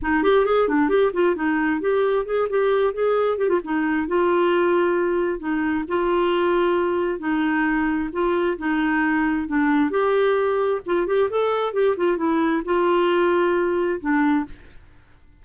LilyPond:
\new Staff \with { instrumentName = "clarinet" } { \time 4/4 \tempo 4 = 133 dis'8 g'8 gis'8 d'8 g'8 f'8 dis'4 | g'4 gis'8 g'4 gis'4 g'16 f'16 | dis'4 f'2. | dis'4 f'2. |
dis'2 f'4 dis'4~ | dis'4 d'4 g'2 | f'8 g'8 a'4 g'8 f'8 e'4 | f'2. d'4 | }